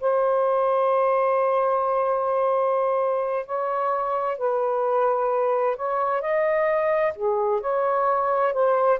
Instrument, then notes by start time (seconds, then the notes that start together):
saxophone
0.00 C5
3.46 C#5
4.37 B4
5.76 C#5
6.21 D#5
7.15 G#4
7.60 C#5
8.53 C5